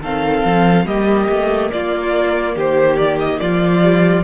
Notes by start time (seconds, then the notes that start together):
0.00 D#3 C4 A4 F5
0.45 F3
0.86 G3 A#3 G4 D#5
1.29 A3
1.71 A#3 F4 D5
2.55 D#3 G4 C5
2.96 D5
3.19 D#5
3.39 F3 F4 D5
3.82 G3